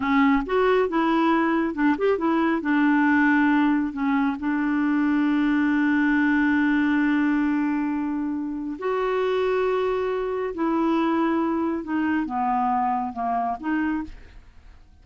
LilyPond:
\new Staff \with { instrumentName = "clarinet" } { \time 4/4 \tempo 4 = 137 cis'4 fis'4 e'2 | d'8 g'8 e'4 d'2~ | d'4 cis'4 d'2~ | d'1~ |
d'1 | fis'1 | e'2. dis'4 | b2 ais4 dis'4 | }